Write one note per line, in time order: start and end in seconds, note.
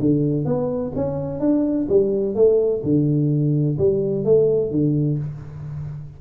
0.00 0.45 D3
0.45 0.93 B3
0.96 1.40 C#4
1.40 1.87 D4
1.89 2.35 G3
2.35 2.82 A3
2.84 3.78 D3
3.78 4.25 G3
4.25 4.71 A3
4.71 5.18 D3